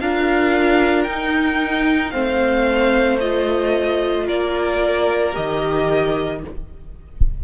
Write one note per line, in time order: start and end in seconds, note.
0.00 1.07 D4
0.00 1.08 F4
0.00 2.12 A#4
0.00 1.04 F5
1.04 2.14 D#4
1.04 2.13 D#4
1.04 2.10 G5
2.10 4.28 A3
2.10 3.20 C4
2.10 4.25 C5
2.10 3.17 F5
3.20 5.32 F4
3.20 4.27 D#5
4.25 5.35 A#3
4.25 6.40 A#4
4.25 5.35 D5
5.32 6.44 D#3
5.32 6.39 G4
5.32 6.42 D#5